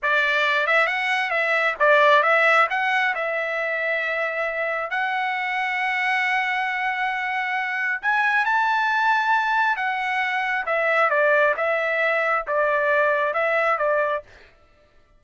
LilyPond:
\new Staff \with { instrumentName = "trumpet" } { \time 4/4 \tempo 4 = 135 d''4. e''8 fis''4 e''4 | d''4 e''4 fis''4 e''4~ | e''2. fis''4~ | fis''1~ |
fis''2 gis''4 a''4~ | a''2 fis''2 | e''4 d''4 e''2 | d''2 e''4 d''4 | }